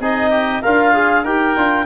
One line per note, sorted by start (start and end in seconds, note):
0.00 0.62 C4
0.00 0.62 D#4
0.00 0.30 G#4
0.00 0.62 D#5
0.30 0.61 G4
0.62 1.24 D4
0.62 1.23 F4
0.62 0.93 A#4
0.62 1.25 F5
0.93 1.25 G#4
1.23 1.55 D#4
1.23 1.57 G4
1.23 1.86 A#4
1.23 1.86 G5
1.57 1.86 D4
1.57 1.86 F4